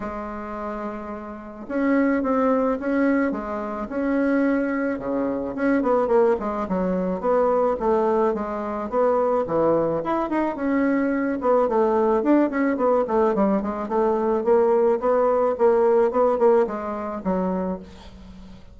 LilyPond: \new Staff \with { instrumentName = "bassoon" } { \time 4/4 \tempo 4 = 108 gis2. cis'4 | c'4 cis'4 gis4 cis'4~ | cis'4 cis4 cis'8 b8 ais8 gis8 | fis4 b4 a4 gis4 |
b4 e4 e'8 dis'8 cis'4~ | cis'8 b8 a4 d'8 cis'8 b8 a8 | g8 gis8 a4 ais4 b4 | ais4 b8 ais8 gis4 fis4 | }